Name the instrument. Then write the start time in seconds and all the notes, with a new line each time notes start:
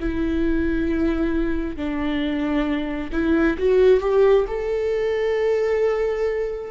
viola
0.00 E4
1.77 D4
3.13 E4
3.59 F#4
4.01 G4
4.48 A4